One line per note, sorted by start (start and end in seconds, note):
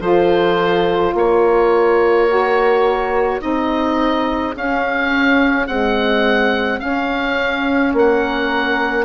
0.00 1.13 F3
0.00 2.28 F4
0.00 1.14 A4
0.00 1.14 C5
1.14 3.40 A#3
1.14 3.42 A#4
1.14 3.41 C#5
2.28 3.40 F#4
3.40 4.55 C4
3.40 4.53 D#4
3.40 7.94 G#4
3.40 4.54 D#5
4.55 5.67 C#4
4.55 5.67 F5
5.67 6.79 G#3
5.67 6.80 C4
5.67 6.79 F#5
6.79 9.05 C#4
6.79 7.93 C#4
6.79 7.93 F5
7.93 9.05 A#3
7.93 9.05 A#4
7.93 9.05 F#5